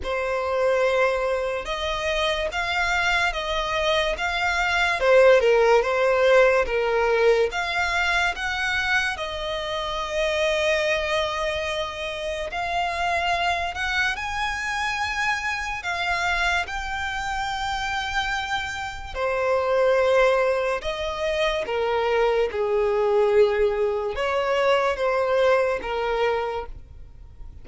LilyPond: \new Staff \with { instrumentName = "violin" } { \time 4/4 \tempo 4 = 72 c''2 dis''4 f''4 | dis''4 f''4 c''8 ais'8 c''4 | ais'4 f''4 fis''4 dis''4~ | dis''2. f''4~ |
f''8 fis''8 gis''2 f''4 | g''2. c''4~ | c''4 dis''4 ais'4 gis'4~ | gis'4 cis''4 c''4 ais'4 | }